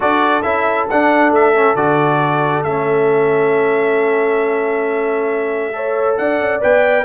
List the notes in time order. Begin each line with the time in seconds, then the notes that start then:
0.00 D4 F#4 A4 D5
0.42 C#4 E4 E5
0.89 D4 F#5
1.30 A3 E5
1.54 C#4
1.75 D3 F#4 D5
2.63 A3 C#4 E5
5.72 A4 C#5
6.17 D4 D5 F#5
6.40 C#4
6.60 B3 B4 G5